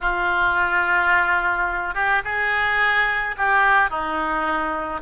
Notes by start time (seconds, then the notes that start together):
0.01 F4
1.94 G4
2.24 G#4
3.37 G4
3.90 D#4